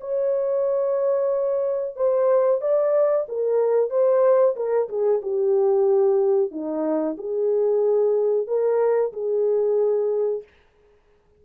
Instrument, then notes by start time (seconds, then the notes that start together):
horn
0.00 C#5
1.96 C5
2.61 D5
3.28 A#4
3.90 C5
4.56 A#4
4.89 G#4
5.22 G4
6.51 D#4
7.17 G#4
8.47 A#4
9.13 G#4